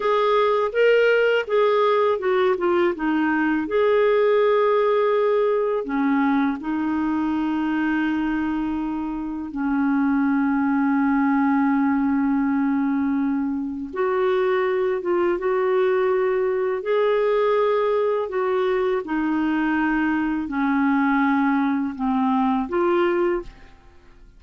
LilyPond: \new Staff \with { instrumentName = "clarinet" } { \time 4/4 \tempo 4 = 82 gis'4 ais'4 gis'4 fis'8 f'8 | dis'4 gis'2. | cis'4 dis'2.~ | dis'4 cis'2.~ |
cis'2. fis'4~ | fis'8 f'8 fis'2 gis'4~ | gis'4 fis'4 dis'2 | cis'2 c'4 f'4 | }